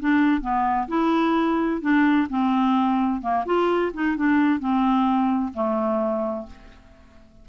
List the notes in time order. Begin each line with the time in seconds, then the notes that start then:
0.00 D4
0.41 B3
0.88 E4
1.81 D4
2.29 C4
3.22 A#3
3.46 F4
3.93 D#4
4.16 D4
4.60 C4
5.53 A3